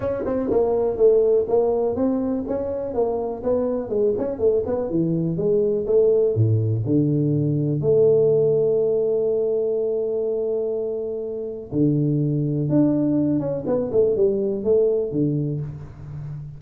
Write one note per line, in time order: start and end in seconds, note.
0.00 0.24 C#4
0.25 0.50 C4
0.50 0.96 A#3
0.96 1.45 A3
1.48 1.95 A#3
1.95 2.44 C4
2.47 2.94 C#4
2.94 3.43 A#3
3.43 3.89 B3
3.89 4.13 G#3
4.17 4.39 C#4
4.39 4.63 A3
4.66 4.90 B3
4.90 5.37 E3
5.37 5.86 G#3
5.86 6.35 A3
6.35 6.83 A2
6.85 7.80 D3
7.80 11.71 A3
11.72 12.69 D3
12.69 13.39 D4
13.39 13.64 C#4
13.66 13.90 B3
13.92 14.16 A3
14.16 14.63 G3
14.63 15.11 A3
15.11 15.60 D3